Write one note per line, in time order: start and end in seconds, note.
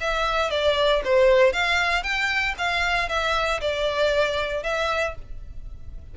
0.00 0.50 E5
0.50 1.02 D5
1.04 1.53 C5
1.53 2.03 F5
2.03 2.55 G5
2.58 3.08 F5
3.08 3.60 E5
3.60 4.63 D5
4.63 5.15 E5